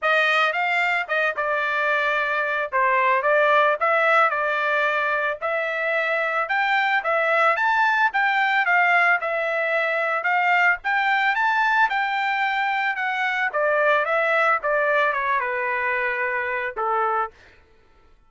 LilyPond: \new Staff \with { instrumentName = "trumpet" } { \time 4/4 \tempo 4 = 111 dis''4 f''4 dis''8 d''4.~ | d''4 c''4 d''4 e''4 | d''2 e''2 | g''4 e''4 a''4 g''4 |
f''4 e''2 f''4 | g''4 a''4 g''2 | fis''4 d''4 e''4 d''4 | cis''8 b'2~ b'8 a'4 | }